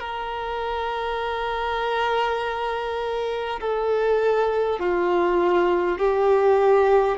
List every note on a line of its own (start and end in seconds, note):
0.00 3.60 A#4
3.61 4.80 A4
4.80 5.98 F4
5.98 7.18 G4